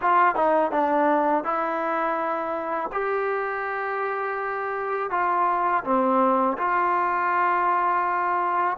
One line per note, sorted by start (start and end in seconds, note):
0.01 0.35 F4
0.35 0.71 D#4
0.71 1.44 D4
1.44 2.90 E4
2.92 5.10 G4
5.10 5.83 F4
5.84 6.57 C4
6.57 8.77 F4